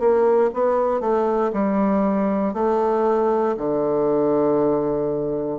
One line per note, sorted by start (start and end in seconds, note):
0.00 0.51 A#3
0.54 1.00 B3
1.00 1.51 A3
1.53 2.54 G3
2.54 3.55 A3
3.57 5.59 D3